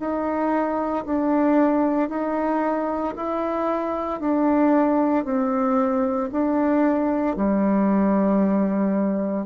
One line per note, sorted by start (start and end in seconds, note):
0.00 1.05 D#4
1.05 2.09 D4
2.09 3.14 D#4
3.16 4.21 E4
4.21 5.25 D4
5.25 6.30 C4
6.32 7.36 D4
7.36 9.46 G3